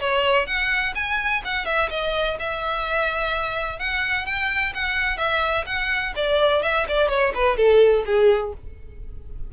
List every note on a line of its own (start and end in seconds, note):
0.00 0.46 C#5
0.46 0.94 F#5
0.95 1.42 G#5
1.45 1.65 F#5
1.65 1.89 E5
1.90 2.37 D#5
2.39 3.79 E5
3.79 4.26 F#5
4.26 4.73 G5
4.74 5.17 F#5
5.17 5.65 E5
5.66 6.13 F#5
6.15 6.62 D5
6.62 6.86 E5
6.88 7.09 D5
7.09 7.32 C#5
7.35 7.57 B4
7.57 8.04 A4
8.06 8.53 G#4